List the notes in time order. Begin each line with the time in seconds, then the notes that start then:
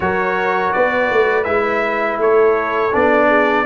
0.00 F#3 F#4 A#4 C#5
0.72 B3 B4 D5
1.10 A3
1.44 G#3 E4 E5
2.18 A3 A4 C#5
2.92 B3 D4 D5
3.28 G#4